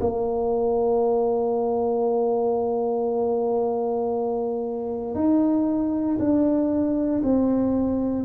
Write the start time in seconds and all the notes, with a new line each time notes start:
0.00 A#3
5.14 D#4
6.18 D4
7.23 C4